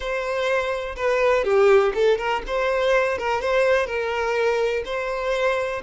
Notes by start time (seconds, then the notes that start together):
0.00 C5
0.96 B4
1.44 G4
1.94 A4
2.18 A#4
2.46 C5
3.18 A#4
3.41 C5
3.86 A#4
4.85 C5